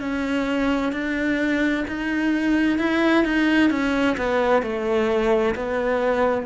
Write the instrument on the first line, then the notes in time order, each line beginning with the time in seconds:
cello
0.00 C#4
0.93 D4
1.88 D#4
2.79 E4
3.24 D#4
3.70 C#4
4.17 B3
4.63 A3
5.55 B3